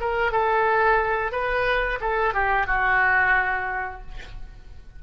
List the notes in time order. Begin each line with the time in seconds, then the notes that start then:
0.00 A#4
0.32 A4
1.31 B4
2.01 A4
2.34 G4
2.67 F#4